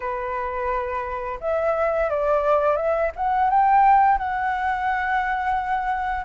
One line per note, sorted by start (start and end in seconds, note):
0.00 1.39 B4
1.40 2.10 E5
2.10 2.76 D5
2.76 3.11 E5
3.16 3.49 F#5
3.49 4.17 G5
4.17 6.24 F#5